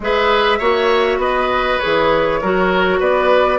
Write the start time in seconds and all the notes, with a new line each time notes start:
0.00 G#3 G#4 B4 E5
0.58 A#3 F#4 C#5
1.17 B3 B4 D#5
1.78 G#4 C#5
1.84 E3
2.41 F#3 F#4 A#4
2.99 B3 B4 D5